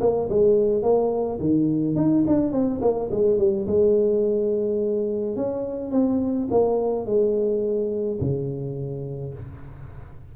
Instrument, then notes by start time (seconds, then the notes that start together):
tuba
0.00 A#3
0.29 G#3
0.82 A#3
1.40 D#3
1.96 D#4
2.27 D4
2.52 C4
2.81 A#3
3.11 G#3
3.38 G3
3.67 G#3
5.36 C#4
5.91 C4
6.50 A#3
7.05 G#3
8.20 C#3